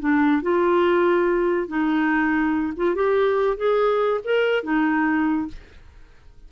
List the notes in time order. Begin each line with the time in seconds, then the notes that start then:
0.00 D4
0.42 F4
1.68 D#4
2.76 F4
2.95 G4
3.57 G#4
4.24 A#4
4.63 D#4